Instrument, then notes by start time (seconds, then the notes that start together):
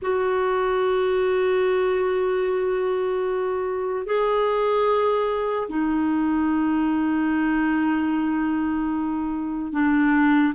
clarinet
0.02 F#4
4.06 G#4
5.69 D#4
9.72 D4